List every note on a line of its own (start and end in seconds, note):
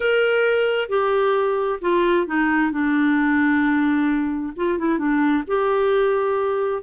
0.00 0.88 A#4
0.88 1.79 G4
1.81 2.26 F4
2.26 2.71 D#4
2.71 4.53 D4
4.56 4.78 F4
4.78 4.98 E4
4.98 5.43 D4
5.47 6.83 G4